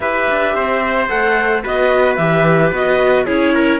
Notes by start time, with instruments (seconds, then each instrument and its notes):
0.00 cello E4, viola G4, trumpet B4, clarinet E5
0.30 cello D4
0.54 cello C4, trumpet C5
1.08 cello A3, viola A4, clarinet F#5
1.63 cello B3, viola F#4, trumpet B4, clarinet D#5
2.15 cello E3, viola G4, clarinet E5
2.72 cello B3, viola F#4, clarinet D#5
3.25 cello C#4, viola E4, trumpet G#4, clarinet C#5
3.54 trumpet A#4